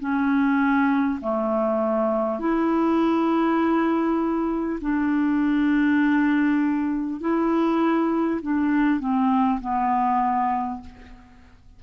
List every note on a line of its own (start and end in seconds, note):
0.00 1.20 C#4
1.21 2.39 A3
2.39 4.79 E4
4.81 7.21 D4
7.21 8.41 E4
8.42 9.00 D4
9.00 9.60 C4
9.61 10.81 B3